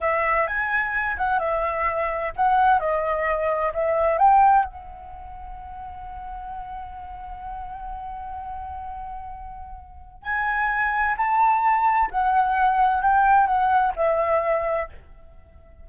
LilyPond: \new Staff \with { instrumentName = "flute" } { \time 4/4 \tempo 4 = 129 e''4 gis''4. fis''8 e''4~ | e''4 fis''4 dis''2 | e''4 g''4 fis''2~ | fis''1~ |
fis''1~ | fis''2 gis''2 | a''2 fis''2 | g''4 fis''4 e''2 | }